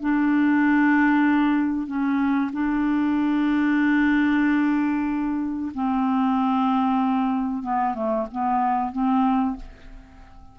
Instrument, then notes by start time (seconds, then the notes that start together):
clarinet
0.00 D4
1.87 C#4
2.52 D4
5.74 C4
7.62 B3
7.94 A3
8.31 B3
8.92 C4